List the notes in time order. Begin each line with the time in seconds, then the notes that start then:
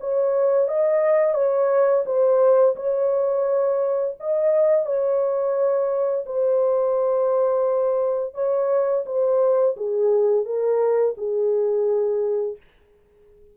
0.00 C#5
0.68 D#5
1.34 C#5
2.06 C5
2.76 C#5
4.20 D#5
4.86 C#5
6.26 C5
8.34 C#5
9.06 C5
9.77 G#4
10.45 A#4
11.17 G#4